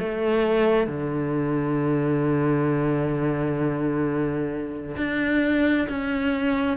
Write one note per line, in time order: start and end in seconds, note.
0.00 0.87 A3
0.87 4.96 D3
4.97 5.88 D4
5.89 6.78 C#4